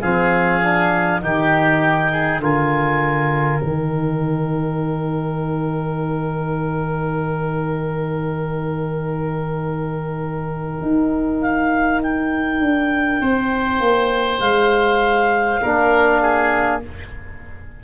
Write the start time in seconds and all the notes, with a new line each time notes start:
0.00 F3 C4 G#4 F5
0.61 D4
1.21 D#3 D#4 G4 G5
2.11 G#4
2.39 D3 F4 A#4 G#5
3.60 D#3 D#4 G5
10.81 D#4
11.41 F5
12.02 G5
12.60 D4
13.20 C4 C5
13.79 A#3
14.39 G#3 F5
15.62 A#3 D4 A#4
16.21 G#4